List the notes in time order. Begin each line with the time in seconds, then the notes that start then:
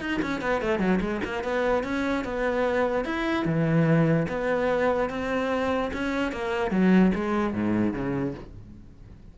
0.00 D#4
0.22 C#4
0.41 B3
0.61 A3
0.79 F#3
1.00 G#3
1.24 A#3
1.43 B3
1.83 C#4
2.24 B3
3.05 E4
3.45 E3
4.28 B3
5.09 C4
5.93 C#4
6.32 A#3
6.71 F#3
7.15 G#3
7.53 G#2
7.93 C#3